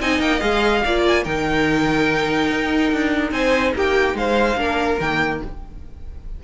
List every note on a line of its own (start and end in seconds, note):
0.00 0.19 C4
0.00 0.39 D#4
0.00 0.84 D#5
0.00 0.20 G#5
0.19 0.40 A#3
0.19 0.40 G5
0.39 0.83 G#3
0.39 0.81 G#4
0.39 1.02 F5
0.84 1.25 A#3
0.84 1.24 F4
0.84 1.23 D5
1.07 1.24 G#5
1.23 2.50 D#3
1.23 4.56 D#4
1.23 3.31 A#4
1.23 3.31 G5
2.50 2.91 D#4
2.91 3.31 D4
3.31 3.72 C4
3.31 3.74 C5
3.31 3.73 G#5
3.74 4.13 A#3
3.74 4.16 G4
3.74 4.17 G5
4.13 4.55 G#3
4.13 4.59 C5
4.13 5.00 F5
4.55 4.97 A#3
4.55 4.97 D4
4.55 5.43 A#4
4.99 5.41 D#3
4.99 5.43 A#3
4.99 5.41 G5